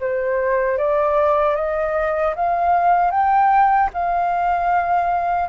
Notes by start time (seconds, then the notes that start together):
0.00 C5
0.78 D5
1.55 D#5
2.35 F5
3.11 G5
3.93 F5